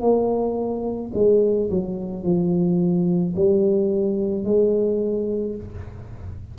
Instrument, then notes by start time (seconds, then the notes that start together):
tuba
0.00 A#3
1.14 G#3
1.70 F#3
2.23 F3
3.36 G3
4.44 G#3